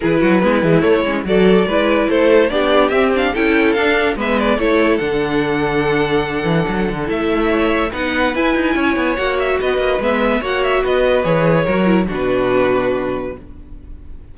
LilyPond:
<<
  \new Staff \with { instrumentName = "violin" } { \time 4/4 \tempo 4 = 144 b'2 cis''4 d''4~ | d''4 c''4 d''4 e''8 f''8 | g''4 f''4 e''8 d''8 cis''4 | fis''1~ |
fis''4 e''2 fis''4 | gis''2 fis''8 e''8 dis''4 | e''4 fis''8 e''8 dis''4 cis''4~ | cis''4 b'2. | }
  \new Staff \with { instrumentName = "violin" } { \time 4/4 gis'8 fis'8 e'2 a'4 | b'4 a'4 g'2 | a'2 b'4 a'4~ | a'1~ |
a'2 cis''4 b'4~ | b'4 cis''2 b'4~ | b'4 cis''4 b'2 | ais'4 fis'2. | }
  \new Staff \with { instrumentName = "viola" } { \time 4/4 e'4 b8 gis8 a8 cis'8 fis'4 | e'2 d'4 c'8 d'8 | e'4 d'4 b4 e'4 | d'1~ |
d'4 e'2 dis'4 | e'2 fis'2 | b4 fis'2 gis'4 | fis'8 e'8 d'2. | }
  \new Staff \with { instrumentName = "cello" } { \time 4/4 e8 fis8 gis8 e8 a8 gis8 fis4 | gis4 a4 b4 c'4 | cis'4 d'4 gis4 a4 | d2.~ d8 e8 |
fis8 d8 a2 b4 | e'8 dis'8 cis'8 b8 ais4 b8 ais8 | gis4 ais4 b4 e4 | fis4 b,2. | }
>>